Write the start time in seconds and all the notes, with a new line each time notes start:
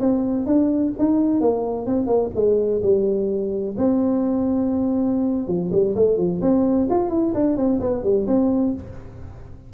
0.00 C4
0.46 D4
0.99 D#4
1.41 A#3
1.86 C4
2.07 A#3
2.35 G#3
2.82 G3
3.77 C4
5.47 F3
5.72 G3
5.96 A3
6.17 F3
6.41 C4
6.90 F4
7.10 E4
7.34 D4
7.57 C4
7.80 B3
8.03 G3
8.27 C4